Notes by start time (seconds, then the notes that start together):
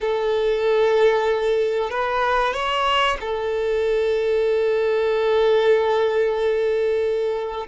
0.00 A4
1.90 B4
2.53 C#5
3.20 A4